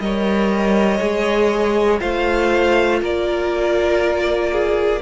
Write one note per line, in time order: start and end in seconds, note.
0.00 1.00 G3
0.00 0.99 A#4
0.00 2.01 C#5
0.00 2.00 D#5
0.99 2.01 G#3
0.99 1.99 G#4
1.99 3.02 A3
1.99 4.99 F4
1.99 3.01 C5
1.99 3.00 F5
3.01 5.02 A#3
3.01 4.51 A#4
3.01 5.02 D5
4.52 5.02 G#4